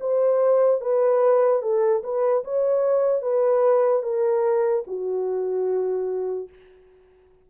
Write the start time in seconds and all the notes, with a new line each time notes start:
0.00 C5
0.81 B4
1.62 A4
2.03 B4
2.44 C#5
3.22 B4
4.02 A#4
4.87 F#4